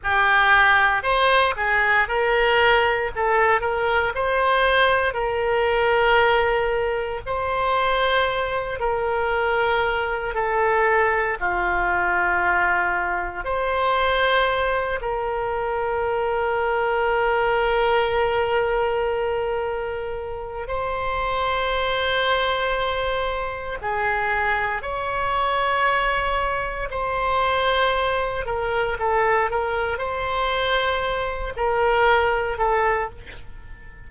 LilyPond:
\new Staff \with { instrumentName = "oboe" } { \time 4/4 \tempo 4 = 58 g'4 c''8 gis'8 ais'4 a'8 ais'8 | c''4 ais'2 c''4~ | c''8 ais'4. a'4 f'4~ | f'4 c''4. ais'4.~ |
ais'1 | c''2. gis'4 | cis''2 c''4. ais'8 | a'8 ais'8 c''4. ais'4 a'8 | }